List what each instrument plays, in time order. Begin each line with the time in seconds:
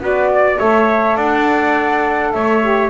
0.00 double bass B3, saxophone F#4, trumpet B4, flute D5
0.34 trumpet D5
0.58 double bass A3, saxophone A4, trumpet C#5, flute E5
1.17 double bass D4, trumpet D5, flute F#5
2.32 double bass A3, trumpet C#5, flute E5
2.62 saxophone G4